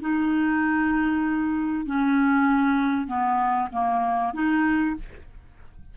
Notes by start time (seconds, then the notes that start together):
0.00 D#4
1.86 C#4
3.07 B3
3.72 A#3
4.33 D#4